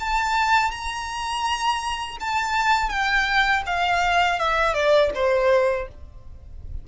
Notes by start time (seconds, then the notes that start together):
0.00 A5
0.72 A#5
2.21 A5
2.90 G5
3.67 F5
4.39 E5
4.74 D5
5.15 C5